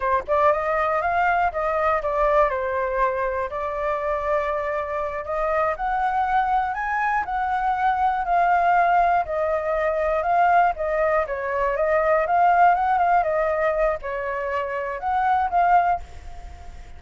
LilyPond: \new Staff \with { instrumentName = "flute" } { \time 4/4 \tempo 4 = 120 c''8 d''8 dis''4 f''4 dis''4 | d''4 c''2 d''4~ | d''2~ d''8 dis''4 fis''8~ | fis''4. gis''4 fis''4.~ |
fis''8 f''2 dis''4.~ | dis''8 f''4 dis''4 cis''4 dis''8~ | dis''8 f''4 fis''8 f''8 dis''4. | cis''2 fis''4 f''4 | }